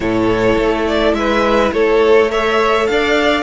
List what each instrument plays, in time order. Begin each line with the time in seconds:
0.00 cello A2, viola E4, violin A4 C#5
0.57 cello A3
0.86 violin D5
1.13 cello G#3, violin B4 E5
1.72 cello A3, violin A4 C#5
2.31 viola A4, violin C#5 E5
2.87 cello D4, violin D5 F5